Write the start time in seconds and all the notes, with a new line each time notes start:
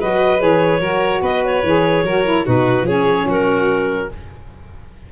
0.00 F#3 F#4 B4 D#5
0.39 E3 G#4 C#5
0.80 F#3 F#4 A#4
1.22 B3 B4 D#5
1.45 C#5
1.63 E3 G#4
2.04 F#3 F#4 A#4
2.25 E4
2.45 B2 D#4 F#4 B4
2.83 F3 C#4 G#4 C#5
3.26 F#3 F#4 A#4